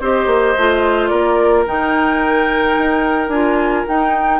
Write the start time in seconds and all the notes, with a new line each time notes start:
0.00 C4 G4 C5 D#5
0.26 A#3
0.57 A3 F4
1.08 A#3 A#4 D5
1.66 D#3 D#4 G5
2.78 D#4
3.28 D4 F4 G#5
3.87 D#4 G5